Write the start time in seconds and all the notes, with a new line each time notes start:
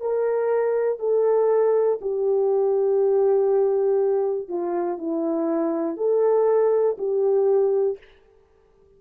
0.00 A#4
0.99 A4
2.01 G4
4.48 F4
4.98 E4
5.96 A4
6.98 G4